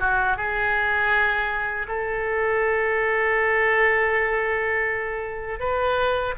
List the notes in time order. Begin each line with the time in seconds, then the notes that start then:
0.00 F#4
0.37 G#4
1.88 A4
5.59 B4